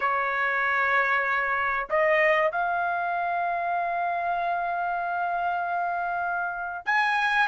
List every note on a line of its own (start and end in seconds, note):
0.00 1.88 C#5
1.89 2.51 D#5
2.51 6.85 F5
6.85 7.47 G#5